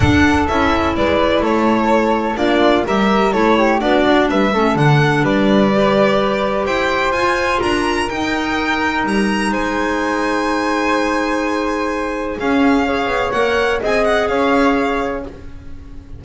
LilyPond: <<
  \new Staff \with { instrumentName = "violin" } { \time 4/4 \tempo 4 = 126 fis''4 e''4 d''4 cis''4~ | cis''4 d''4 e''4 cis''4 | d''4 e''4 fis''4 d''4~ | d''2 g''4 gis''4 |
ais''4 g''2 ais''4 | gis''1~ | gis''2 f''2 | fis''4 gis''8 fis''8 f''2 | }
  \new Staff \with { instrumentName = "flute" } { \time 4/4 a'2 b'4 a'4~ | a'4 f'4 ais'4 a'8 g'8 | fis'4 b'8 a'4. b'4~ | b'2 c''2 |
ais'1 | c''1~ | c''2 gis'4 cis''4~ | cis''4 dis''4 cis''2 | }
  \new Staff \with { instrumentName = "clarinet" } { \time 4/4 d'4 e'2.~ | e'4 d'4 g'4 e'4 | d'4. cis'8 d'2 | g'2. f'4~ |
f'4 dis'2.~ | dis'1~ | dis'2 cis'4 gis'4 | ais'4 gis'2. | }
  \new Staff \with { instrumentName = "double bass" } { \time 4/4 d'4 cis'4 gis4 a4~ | a4 ais4 g4 a4 | b8 d'8 g8 a8 d4 g4~ | g2 e'4 f'4 |
d'4 dis'2 g4 | gis1~ | gis2 cis'4. b8 | ais4 c'4 cis'2 | }
>>